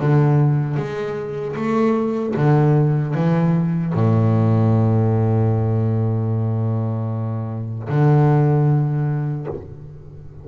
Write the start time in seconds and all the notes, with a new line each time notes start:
0.00 D3
0.77 G#3
1.56 A3
2.36 D3
3.14 E3
3.94 A2
7.89 D3